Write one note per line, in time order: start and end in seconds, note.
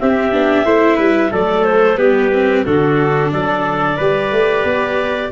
0.00 0.32 C4
0.00 0.33 C4
0.00 0.66 G4
0.00 1.33 E5
0.32 0.65 B3
0.32 0.65 D4
0.65 0.99 A3
0.65 1.32 E4
0.65 0.97 C5
0.97 1.32 G3
0.97 1.30 B4
1.32 1.98 F#3
1.32 1.97 A3
1.32 1.98 A4
1.32 1.65 D5
1.65 1.98 C5
1.97 2.65 G3
1.97 2.31 B3
1.97 2.65 G4
1.97 2.64 B4
2.33 2.66 C4
2.65 3.32 D3
2.65 4.00 D4
2.65 3.32 F#4
2.65 3.32 A4
3.32 3.99 F#3
3.32 3.97 A4
3.32 5.32 D5
3.97 4.32 G3
3.97 5.32 G4
3.97 5.31 B4
4.32 4.64 A3
4.64 5.31 B3